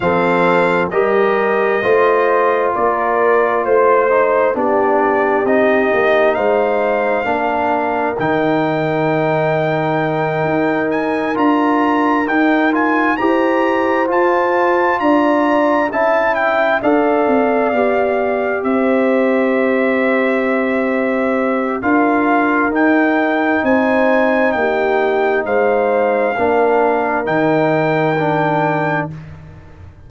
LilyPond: <<
  \new Staff \with { instrumentName = "trumpet" } { \time 4/4 \tempo 4 = 66 f''4 dis''2 d''4 | c''4 d''4 dis''4 f''4~ | f''4 g''2. | gis''8 ais''4 g''8 gis''8 ais''4 a''8~ |
a''8 ais''4 a''8 g''8 f''4.~ | f''8 e''2.~ e''8 | f''4 g''4 gis''4 g''4 | f''2 g''2 | }
  \new Staff \with { instrumentName = "horn" } { \time 4/4 a'4 ais'4 c''4 ais'4 | c''4 g'2 c''4 | ais'1~ | ais'2~ ais'8 c''4.~ |
c''8 d''4 e''4 d''4.~ | d''8 c''2.~ c''8 | ais'2 c''4 g'4 | c''4 ais'2. | }
  \new Staff \with { instrumentName = "trombone" } { \time 4/4 c'4 g'4 f'2~ | f'8 dis'8 d'4 dis'2 | d'4 dis'2.~ | dis'8 f'4 dis'8 f'8 g'4 f'8~ |
f'4. e'4 a'4 g'8~ | g'1 | f'4 dis'2.~ | dis'4 d'4 dis'4 d'4 | }
  \new Staff \with { instrumentName = "tuba" } { \time 4/4 f4 g4 a4 ais4 | a4 b4 c'8 ais8 gis4 | ais4 dis2~ dis8 dis'8~ | dis'8 d'4 dis'4 e'4 f'8~ |
f'8 d'4 cis'4 d'8 c'8 b8~ | b8 c'2.~ c'8 | d'4 dis'4 c'4 ais4 | gis4 ais4 dis2 | }
>>